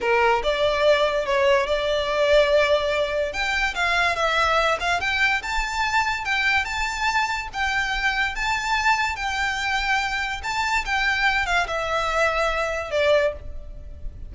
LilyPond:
\new Staff \with { instrumentName = "violin" } { \time 4/4 \tempo 4 = 144 ais'4 d''2 cis''4 | d''1 | g''4 f''4 e''4. f''8 | g''4 a''2 g''4 |
a''2 g''2 | a''2 g''2~ | g''4 a''4 g''4. f''8 | e''2. d''4 | }